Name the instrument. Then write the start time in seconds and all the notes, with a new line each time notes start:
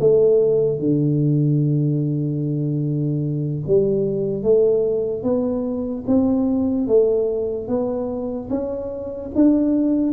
tuba
0.00 A3
0.79 D3
3.67 G3
4.43 A3
5.23 B3
6.07 C4
6.87 A3
7.68 B3
8.50 C#4
9.35 D4